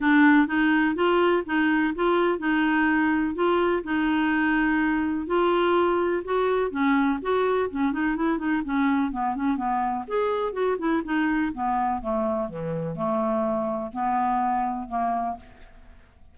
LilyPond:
\new Staff \with { instrumentName = "clarinet" } { \time 4/4 \tempo 4 = 125 d'4 dis'4 f'4 dis'4 | f'4 dis'2 f'4 | dis'2. f'4~ | f'4 fis'4 cis'4 fis'4 |
cis'8 dis'8 e'8 dis'8 cis'4 b8 cis'8 | b4 gis'4 fis'8 e'8 dis'4 | b4 a4 e4 a4~ | a4 b2 ais4 | }